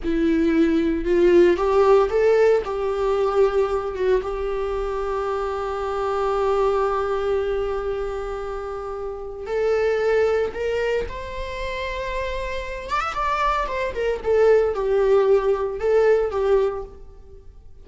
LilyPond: \new Staff \with { instrumentName = "viola" } { \time 4/4 \tempo 4 = 114 e'2 f'4 g'4 | a'4 g'2~ g'8 fis'8 | g'1~ | g'1~ |
g'2 a'2 | ais'4 c''2.~ | c''8 d''16 e''16 d''4 c''8 ais'8 a'4 | g'2 a'4 g'4 | }